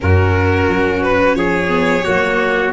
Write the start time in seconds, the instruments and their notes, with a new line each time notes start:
0.00 tuba F#2, viola C#4, trumpet F#4, violin A#4
0.68 tuba F#3
1.03 violin B4
1.35 tuba F3, trumpet G#4, violin C#5
1.67 viola B3
2.04 tuba F#3, viola A#3, trumpet F#4